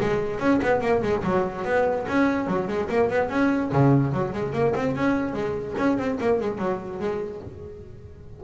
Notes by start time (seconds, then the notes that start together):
0.00 G#3
0.39 C#4
0.62 B3
0.81 A#3
1.02 G#3
1.23 F#3
1.65 B3
2.08 C#4
2.47 F#3
2.68 G#3
2.89 A#3
3.10 B3
3.29 C#4
3.72 C#3
4.12 F#3
4.33 G#3
4.53 A#3
4.75 C4
4.95 C#4
5.33 G#3
5.78 C#4
5.98 C4
6.20 A#3
6.40 G#3
6.58 F#3
6.99 G#3